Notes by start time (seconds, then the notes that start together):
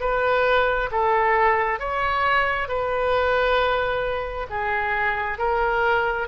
0.00 B4
0.91 A4
1.79 C#5
2.68 B4
4.50 G#4
5.38 A#4